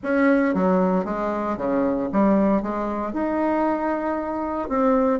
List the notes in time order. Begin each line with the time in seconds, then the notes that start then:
0.03 C#4
0.54 F#3
1.05 G#3
1.57 C#3
2.12 G3
2.62 G#3
3.13 D#4
4.68 C4